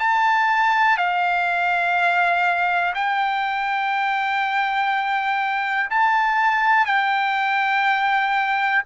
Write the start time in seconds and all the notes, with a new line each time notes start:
0.00 A5
0.97 F5
2.95 G5
5.90 A5
6.86 G5